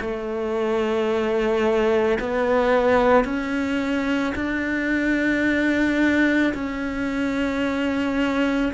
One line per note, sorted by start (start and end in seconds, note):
0.00 2.18 A3
2.19 3.24 B3
3.24 4.33 C#4
4.35 6.53 D4
6.54 8.72 C#4